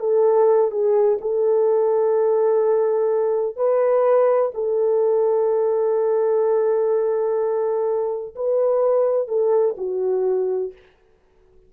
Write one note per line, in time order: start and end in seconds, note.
0.00 0.71 A4
0.71 1.19 G#4
1.21 3.56 A4
3.56 4.51 B4
4.54 8.35 A4
8.35 9.28 B4
9.28 9.76 A4
9.77 10.73 F#4